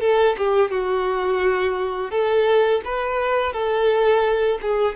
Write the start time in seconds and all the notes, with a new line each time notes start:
0.00 A4
0.37 G4
0.71 F#4
2.10 A4
2.85 B4
3.52 A4
4.61 G#4